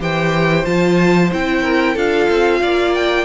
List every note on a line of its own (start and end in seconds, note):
0.00 0.65 E3
0.00 0.64 G4
0.00 1.62 C5
0.00 0.65 G5
0.64 1.31 F3
0.64 1.29 F4
0.64 1.30 A5
1.32 1.96 C4
1.32 1.97 E4
1.32 1.98 G5
1.62 1.94 A#4
1.94 2.28 D4
1.94 3.25 F4
1.94 2.59 A4
1.94 2.95 F5
2.29 2.62 C4
2.62 3.25 A#3
2.62 3.25 D5
2.95 3.25 G5